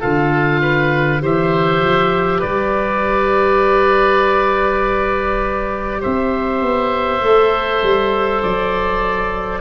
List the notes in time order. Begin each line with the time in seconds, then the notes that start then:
0.00 D3 F4 A4 F5
0.62 B4
1.20 E3 G4 C5 E5
1.81 F3
2.39 G3 B4 D5
6.01 C4 C5 E5
6.62 B3
7.21 A3 A4
7.83 G3
8.43 F#3 D5